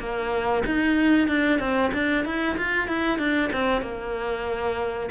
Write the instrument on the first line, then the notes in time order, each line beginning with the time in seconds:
cello
0.00 A#3
0.66 D#4
1.28 D4
1.60 C4
1.94 D4
2.25 E4
2.58 F4
2.88 E4
3.19 D4
3.53 C4
3.82 A#3